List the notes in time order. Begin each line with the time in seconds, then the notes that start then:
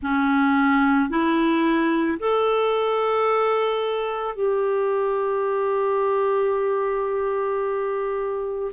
0.02 C#4
1.09 E4
2.19 A4
4.35 G4